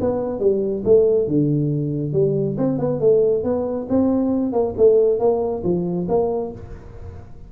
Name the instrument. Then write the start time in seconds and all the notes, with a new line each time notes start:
tuba
0.00 B3
0.39 G3
0.85 A3
1.27 D3
2.12 G3
2.57 C4
2.78 B3
3.00 A3
3.43 B3
3.89 C4
4.52 A#3
4.77 A3
5.19 A#3
5.63 F3
6.08 A#3